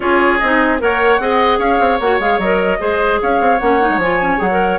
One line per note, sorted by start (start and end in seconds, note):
0.00 0.39 C#4
0.00 0.40 F4
0.00 0.81 G#4
0.00 0.39 C#5
0.39 0.81 C4
0.39 0.79 D#4
0.39 0.79 D#5
0.79 1.19 A#3
0.79 1.19 A#4
0.79 1.21 C#5
0.79 1.59 F#5
1.19 1.58 C4
1.19 2.00 G#4
1.19 1.59 D#5
1.58 1.78 C#4
1.58 2.79 C#5
1.58 1.99 F5
1.79 1.99 C4
2.00 2.19 A#3
2.00 2.20 F#4
2.00 2.20 F#5
2.19 2.38 G#3
2.19 2.40 G#4
2.19 2.39 F5
2.38 2.78 F#3
2.38 2.79 A#4
2.38 3.19 D#5
2.79 3.20 G#3
2.79 3.59 G#4
2.79 3.20 C5
3.22 3.40 C#4
3.22 4.78 C#5
3.22 3.59 F5
3.40 3.60 C4
3.59 3.89 A#3
3.59 3.80 C#4
3.59 3.99 F#5
3.80 4.00 D#4
3.89 3.97 G#3
3.97 4.37 F3
3.97 4.20 F4
3.97 4.40 G#5
4.20 4.37 C#4
4.37 4.78 F#3
4.37 4.47 G#4
4.37 4.78 F#5
4.50 4.78 A#4